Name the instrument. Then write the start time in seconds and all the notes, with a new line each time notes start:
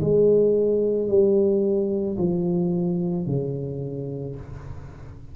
tuba
0.00 G#3
1.08 G3
2.17 F3
3.26 C#3